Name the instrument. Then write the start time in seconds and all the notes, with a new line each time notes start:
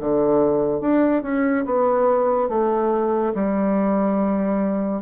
bassoon
0.00 D3
0.80 D4
1.22 C#4
1.65 B3
2.48 A3
3.34 G3